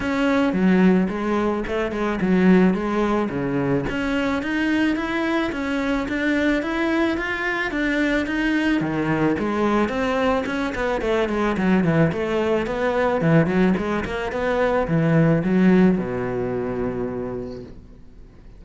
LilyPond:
\new Staff \with { instrumentName = "cello" } { \time 4/4 \tempo 4 = 109 cis'4 fis4 gis4 a8 gis8 | fis4 gis4 cis4 cis'4 | dis'4 e'4 cis'4 d'4 | e'4 f'4 d'4 dis'4 |
dis4 gis4 c'4 cis'8 b8 | a8 gis8 fis8 e8 a4 b4 | e8 fis8 gis8 ais8 b4 e4 | fis4 b,2. | }